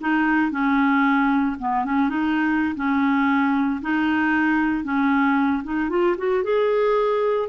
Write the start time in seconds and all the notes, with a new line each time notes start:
0.00 D#4
0.51 C#4
1.59 B3
1.84 C#4
2.09 D#4
2.75 C#4
3.81 D#4
4.84 C#4
5.63 D#4
5.89 F4
6.17 F#4
6.43 G#4